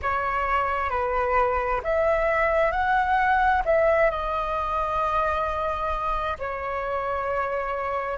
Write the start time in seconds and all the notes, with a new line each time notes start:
0.02 C#5
0.90 B4
1.83 E5
2.71 F#5
3.65 E5
4.10 D#5
6.38 C#5